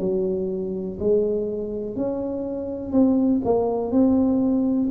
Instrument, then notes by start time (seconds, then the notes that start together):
tuba
0.00 F#3
1.00 G#3
1.97 C#4
2.92 C4
3.45 A#3
3.92 C4